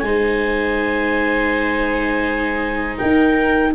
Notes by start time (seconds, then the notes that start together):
0.00 G#3 D#4 C5 G#5
2.98 D#4 A#4 G5